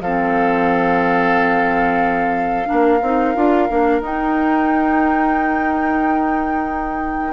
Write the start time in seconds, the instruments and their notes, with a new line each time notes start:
0.00 bassoon F3, clarinet C4, oboe A4, flute F5
2.65 clarinet D4, oboe A#4
2.72 bassoon A#3
3.02 bassoon C4, clarinet D#4
3.35 bassoon D4, clarinet F4
3.69 bassoon A#3, clarinet D4
4.00 bassoon D#4, clarinet D#4, flute G5